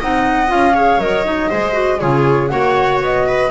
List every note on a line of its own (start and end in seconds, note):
0.00 0.51 C4
0.00 0.48 D#4
0.00 0.74 D#5
0.00 0.52 F#5
0.48 0.98 C#4
0.48 0.73 F4
0.48 1.01 F5
0.74 1.00 G#4
0.74 1.49 C#5
0.98 1.48 F#3
0.98 1.25 A#4
0.98 2.00 D#5
1.25 1.50 D#4
1.50 2.02 G#3
1.50 1.73 G#4
1.50 2.00 C5
1.73 1.98 F#4
2.00 2.52 C#3
2.00 2.50 F4
2.00 2.51 G#4
2.00 2.49 C#5
2.49 3.01 A#3
2.49 3.50 F#4
2.49 3.27 C#5
2.49 2.99 F#5
3.01 3.51 B3
3.01 3.51 D#5
3.28 3.51 B4